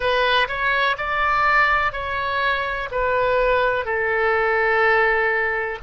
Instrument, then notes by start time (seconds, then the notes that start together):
oboe
0.00 B4
0.48 C#5
0.97 D5
1.92 C#5
2.91 B4
3.84 A4